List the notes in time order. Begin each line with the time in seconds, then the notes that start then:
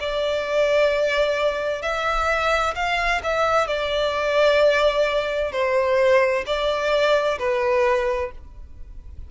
0.00 D5
1.82 E5
2.75 F5
3.23 E5
3.68 D5
5.52 C5
6.46 D5
7.39 B4